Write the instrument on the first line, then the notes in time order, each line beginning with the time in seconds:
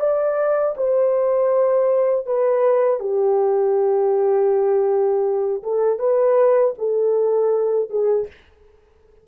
horn
0.00 D5
0.77 C5
2.26 B4
3.00 G4
5.63 A4
5.99 B4
6.78 A4
7.90 G#4